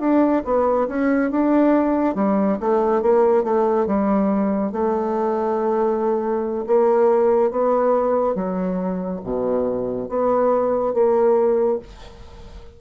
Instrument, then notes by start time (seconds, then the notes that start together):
bassoon
0.00 D4
0.45 B3
0.89 C#4
1.31 D4
2.15 G3
2.61 A3
3.02 A#3
3.44 A3
3.87 G3
4.73 A3
6.67 A#3
7.51 B3
8.35 F#3
9.24 B2
10.09 B3
10.94 A#3